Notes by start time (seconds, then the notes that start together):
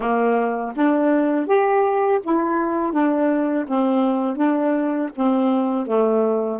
0.00 A#3
0.75 D4
1.46 G4
2.23 E4
2.92 D4
3.68 C4
4.36 D4
5.15 C4
5.86 A3